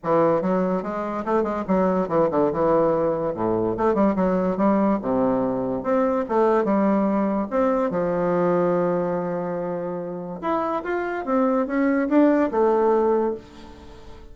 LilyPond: \new Staff \with { instrumentName = "bassoon" } { \time 4/4 \tempo 4 = 144 e4 fis4 gis4 a8 gis8 | fis4 e8 d8 e2 | a,4 a8 g8 fis4 g4 | c2 c'4 a4 |
g2 c'4 f4~ | f1~ | f4 e'4 f'4 c'4 | cis'4 d'4 a2 | }